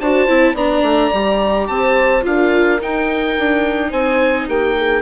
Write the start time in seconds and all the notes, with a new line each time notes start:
0.00 D4 F#4 C5 A5
0.27 C4 E4
0.54 B3 D4 D5 A#5
0.82 A3
1.12 G3 G4
1.67 C4 C5 A5
2.22 D4 F4 A#4 F5
2.80 D#4 G5
3.38 D4
3.90 C4 C5 G#5
4.48 A#3 G4 G5
4.77 G#4